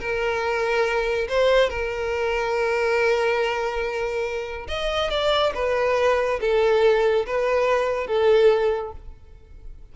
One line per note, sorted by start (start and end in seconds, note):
0.00 1.28 A#4
1.28 1.69 C5
1.69 4.67 A#4
4.67 5.10 D#5
5.10 5.52 D5
5.54 6.39 B4
6.40 7.26 A4
7.26 8.07 B4
8.07 8.92 A4